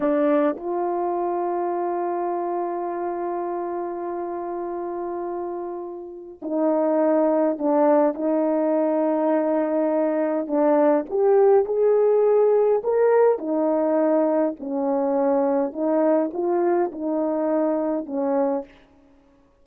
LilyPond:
\new Staff \with { instrumentName = "horn" } { \time 4/4 \tempo 4 = 103 d'4 f'2.~ | f'1~ | f'2. dis'4~ | dis'4 d'4 dis'2~ |
dis'2 d'4 g'4 | gis'2 ais'4 dis'4~ | dis'4 cis'2 dis'4 | f'4 dis'2 cis'4 | }